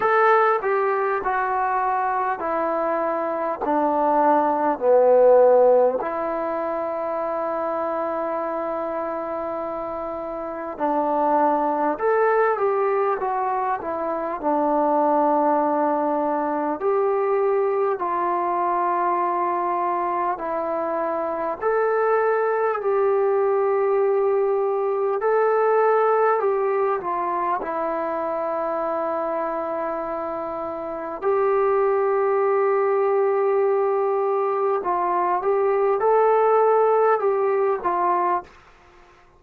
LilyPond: \new Staff \with { instrumentName = "trombone" } { \time 4/4 \tempo 4 = 50 a'8 g'8 fis'4 e'4 d'4 | b4 e'2.~ | e'4 d'4 a'8 g'8 fis'8 e'8 | d'2 g'4 f'4~ |
f'4 e'4 a'4 g'4~ | g'4 a'4 g'8 f'8 e'4~ | e'2 g'2~ | g'4 f'8 g'8 a'4 g'8 f'8 | }